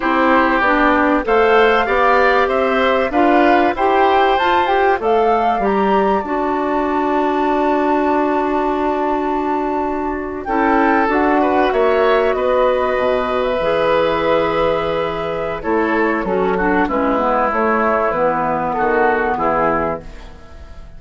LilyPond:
<<
  \new Staff \with { instrumentName = "flute" } { \time 4/4 \tempo 4 = 96 c''4 d''4 f''2 | e''4 f''4 g''4 a''8 g''8 | f''4 ais''4 a''2~ | a''1~ |
a''8. g''4 fis''4 e''4 dis''16~ | dis''4. e''2~ e''8~ | e''4 cis''4 a'4 b'4 | cis''4 b'4 a'4 gis'4 | }
  \new Staff \with { instrumentName = "oboe" } { \time 4/4 g'2 c''4 d''4 | c''4 b'4 c''2 | d''1~ | d''1~ |
d''8. a'4. b'8 cis''4 b'16~ | b'1~ | b'4 a'4 cis'8 fis'8 e'4~ | e'2 fis'4 e'4 | }
  \new Staff \with { instrumentName = "clarinet" } { \time 4/4 e'4 d'4 a'4 g'4~ | g'4 f'4 g'4 f'8 g'8 | a'4 g'4 fis'2~ | fis'1~ |
fis'8. e'4 fis'2~ fis'16~ | fis'4.~ fis'16 gis'2~ gis'16~ | gis'4 e'4 fis'8 d'8 cis'8 b8 | a4 b2. | }
  \new Staff \with { instrumentName = "bassoon" } { \time 4/4 c'4 b4 a4 b4 | c'4 d'4 e'4 f'4 | a4 g4 d'2~ | d'1~ |
d'8. cis'4 d'4 ais4 b16~ | b8. b,4 e2~ e16~ | e4 a4 fis4 gis4 | a4 e4 dis4 e4 | }
>>